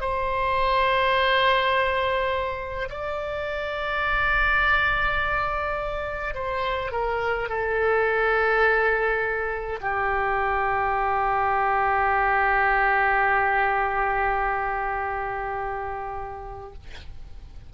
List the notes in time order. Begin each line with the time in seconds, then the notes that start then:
0.00 C5
2.90 D5
6.34 C5
6.91 A#4
7.48 A4
9.81 G4